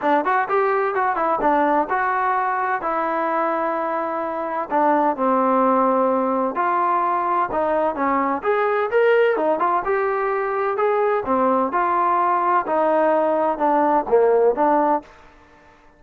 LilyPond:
\new Staff \with { instrumentName = "trombone" } { \time 4/4 \tempo 4 = 128 d'8 fis'8 g'4 fis'8 e'8 d'4 | fis'2 e'2~ | e'2 d'4 c'4~ | c'2 f'2 |
dis'4 cis'4 gis'4 ais'4 | dis'8 f'8 g'2 gis'4 | c'4 f'2 dis'4~ | dis'4 d'4 ais4 d'4 | }